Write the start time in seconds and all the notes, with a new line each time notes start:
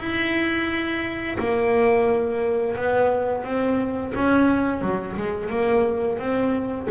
0.00 E4
1.39 A#3
2.76 B3
3.44 C4
4.15 C#4
4.82 F#3
5.17 G#3
5.50 A#3
6.19 C4